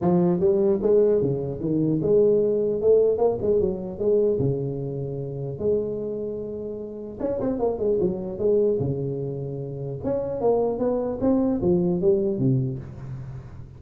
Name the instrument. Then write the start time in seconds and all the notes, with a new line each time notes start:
tuba
0.01 F3
0.40 G3
0.82 G#3
1.21 C#3
1.60 D#3
2.01 G#3
2.81 A3
3.17 A#3
3.41 G#3
3.60 F#3
3.99 G#3
4.39 C#3
5.59 G#3
7.19 C#4
7.40 C4
7.59 A#3
7.78 G#3
8.00 F#3
8.38 G#3
8.79 C#3
10.04 C#4
10.40 A#3
10.79 B3
11.21 C4
11.61 F3
12.01 G3
12.38 C3